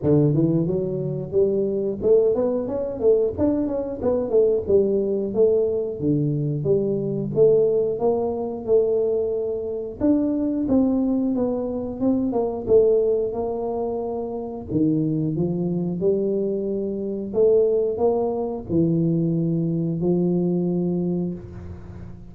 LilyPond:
\new Staff \with { instrumentName = "tuba" } { \time 4/4 \tempo 4 = 90 d8 e8 fis4 g4 a8 b8 | cis'8 a8 d'8 cis'8 b8 a8 g4 | a4 d4 g4 a4 | ais4 a2 d'4 |
c'4 b4 c'8 ais8 a4 | ais2 dis4 f4 | g2 a4 ais4 | e2 f2 | }